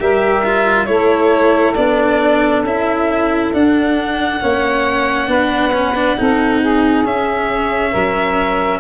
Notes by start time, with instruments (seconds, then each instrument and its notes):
0.00 tuba G3, cello G4, saxophone A#4, violin E5
0.45 cello F4
0.86 tuba A3, cello E4, saxophone A4, violin C#5
1.75 tuba B3, cello D4, violin D5
2.64 tuba C#4, cello E4, violin E5
3.54 cello D4, tuba D4, violin F#5
4.41 tuba A#3, cello C#4, saxophone C#5
5.28 tuba B3, cello D4, saxophone B4
5.73 cello C#4
5.96 cello D4
6.17 tuba C4, cello D#4, saxophone A4
6.62 saxophone G#4
7.05 tuba C#4, cello C#4, violin E5
7.91 tuba F#3, saxophone A#4